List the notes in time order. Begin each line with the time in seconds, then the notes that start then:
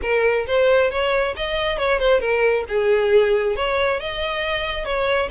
0.01 A#4
0.47 C5
0.90 C#5
1.36 D#5
1.78 C#5
1.99 C5
2.20 A#4
2.68 G#4
3.56 C#5
4.00 D#5
4.85 C#5